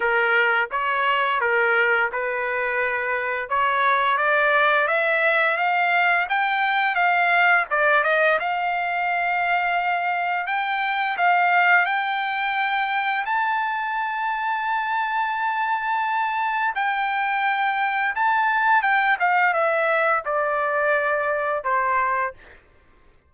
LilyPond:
\new Staff \with { instrumentName = "trumpet" } { \time 4/4 \tempo 4 = 86 ais'4 cis''4 ais'4 b'4~ | b'4 cis''4 d''4 e''4 | f''4 g''4 f''4 d''8 dis''8 | f''2. g''4 |
f''4 g''2 a''4~ | a''1 | g''2 a''4 g''8 f''8 | e''4 d''2 c''4 | }